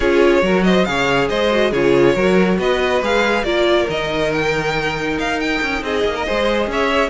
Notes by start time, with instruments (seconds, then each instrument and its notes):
0.00 cello C#4, viola F4, violin G#4 C#5
0.42 cello F#3, viola F#4, violin A#4
0.63 violin C5 D#5
0.85 cello C#3, viola G#4, violin C#5 F5
1.29 cello G#3, violin C5 D#5
1.51 viola F#4
1.70 cello C#3, viola F4, violin G#4 C#5
2.15 cello F#3, viola F#4, violin A#4
2.58 cello B3, violin B4 D#5
3.02 cello G#3, viola G#4, violin F5
3.43 cello A#3, viola F4, violin A#4 D5
3.89 cello D#3, viola D#4, violin D#5
4.32 violin G5
5.18 cello D#4, violin F5
5.40 violin G5
5.62 cello C#4
5.82 cello C4, violin G#4 D#5
6.04 cello A#3
6.14 violin A#4
6.25 cello G#3, viola G#4, violin C5
6.67 cello C#4, violin C#5 E5